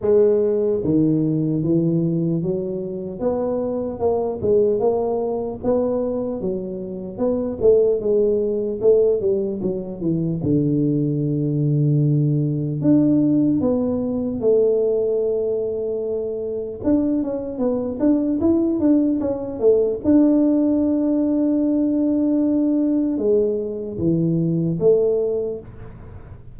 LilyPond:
\new Staff \with { instrumentName = "tuba" } { \time 4/4 \tempo 4 = 75 gis4 dis4 e4 fis4 | b4 ais8 gis8 ais4 b4 | fis4 b8 a8 gis4 a8 g8 | fis8 e8 d2. |
d'4 b4 a2~ | a4 d'8 cis'8 b8 d'8 e'8 d'8 | cis'8 a8 d'2.~ | d'4 gis4 e4 a4 | }